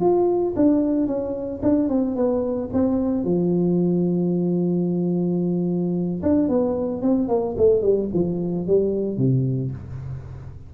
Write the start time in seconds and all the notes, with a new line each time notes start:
0.00 F4
0.56 D4
1.07 C#4
1.62 D4
1.89 C4
2.15 B3
2.73 C4
3.24 F3
6.23 D4
6.48 B3
7.02 C4
7.28 A#3
7.57 A3
7.82 G3
8.13 F3
8.67 G3
9.17 C3